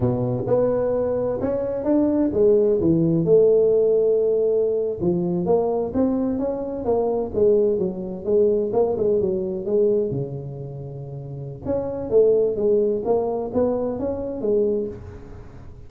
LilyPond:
\new Staff \with { instrumentName = "tuba" } { \time 4/4 \tempo 4 = 129 b,4 b2 cis'4 | d'4 gis4 e4 a4~ | a2~ a8. f4 ais16~ | ais8. c'4 cis'4 ais4 gis16~ |
gis8. fis4 gis4 ais8 gis8 fis16~ | fis8. gis4 cis2~ cis16~ | cis4 cis'4 a4 gis4 | ais4 b4 cis'4 gis4 | }